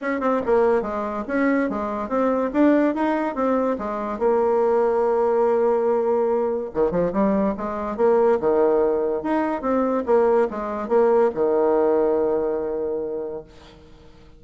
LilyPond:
\new Staff \with { instrumentName = "bassoon" } { \time 4/4 \tempo 4 = 143 cis'8 c'8 ais4 gis4 cis'4 | gis4 c'4 d'4 dis'4 | c'4 gis4 ais2~ | ais1 |
dis8 f8 g4 gis4 ais4 | dis2 dis'4 c'4 | ais4 gis4 ais4 dis4~ | dis1 | }